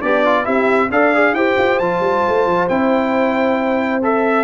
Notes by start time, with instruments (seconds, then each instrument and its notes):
0.00 tuba B3, horn D4, trombone G4, trumpet D5
0.25 trombone F4
0.44 tuba C4, trombone E4, horn G4, trumpet E5
0.90 tuba D4, trombone A4, horn D5, trumpet F5
1.14 trombone G#4
1.32 tuba E4, trombone G4, horn C5, trumpet G5
1.57 tuba F4
1.79 tuba F3, trombone F4, trumpet A5
1.99 tuba G3
2.28 tuba A3
2.46 tuba F3
2.68 tuba C4, trombone E4, trumpet G5
4.02 trombone A4, trumpet E5